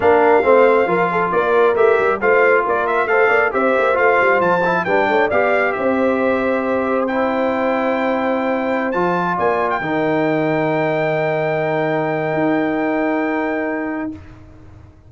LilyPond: <<
  \new Staff \with { instrumentName = "trumpet" } { \time 4/4 \tempo 4 = 136 f''2. d''4 | e''4 f''4 d''8 e''8 f''4 | e''4 f''4 a''4 g''4 | f''4 e''2. |
g''1~ | g''16 a''4 gis''8. g''2~ | g''1~ | g''1 | }
  \new Staff \with { instrumentName = "horn" } { \time 4/4 ais'4 c''4 ais'8 a'8 ais'4~ | ais'4 c''4 ais'4 c''8 d''8 | c''2. b'8 cis''8 | d''4 c''2.~ |
c''1~ | c''4~ c''16 d''4 ais'4.~ ais'16~ | ais'1~ | ais'1 | }
  \new Staff \with { instrumentName = "trombone" } { \time 4/4 d'4 c'4 f'2 | g'4 f'2 a'4 | g'4 f'4. e'8 d'4 | g'1 |
e'1~ | e'16 f'2 dis'4.~ dis'16~ | dis'1~ | dis'1 | }
  \new Staff \with { instrumentName = "tuba" } { \time 4/4 ais4 a4 f4 ais4 | a8 g8 a4 ais4 a8 ais8 | c'8 ais8 a8 g8 f4 g8 a8 | b4 c'2.~ |
c'1~ | c'16 f4 ais4 dis4.~ dis16~ | dis1 | dis'1 | }
>>